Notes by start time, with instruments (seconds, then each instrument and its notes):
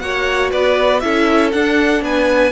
0.00 cello A#3, viola F#4, violin C#5 F#5
0.51 cello B3, violin B4 D5
1.00 cello C#4, viola E4, violin A4 E5
1.52 viola D4, cello D4, violin F#5
2.02 cello B3, violin B4 G#5